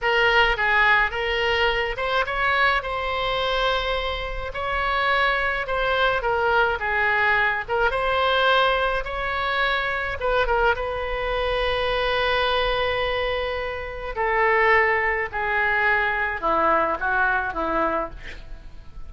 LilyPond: \new Staff \with { instrumentName = "oboe" } { \time 4/4 \tempo 4 = 106 ais'4 gis'4 ais'4. c''8 | cis''4 c''2. | cis''2 c''4 ais'4 | gis'4. ais'8 c''2 |
cis''2 b'8 ais'8 b'4~ | b'1~ | b'4 a'2 gis'4~ | gis'4 e'4 fis'4 e'4 | }